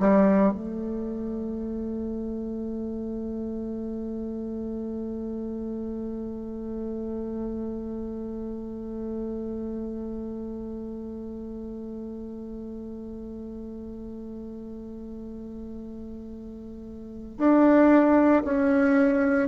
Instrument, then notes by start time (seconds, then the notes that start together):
bassoon
0.00 G3
0.55 A3
17.38 D4
18.44 C#4